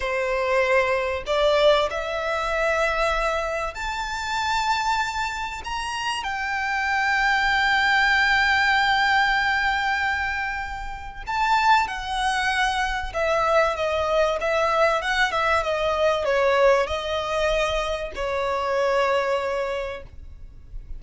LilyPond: \new Staff \with { instrumentName = "violin" } { \time 4/4 \tempo 4 = 96 c''2 d''4 e''4~ | e''2 a''2~ | a''4 ais''4 g''2~ | g''1~ |
g''2 a''4 fis''4~ | fis''4 e''4 dis''4 e''4 | fis''8 e''8 dis''4 cis''4 dis''4~ | dis''4 cis''2. | }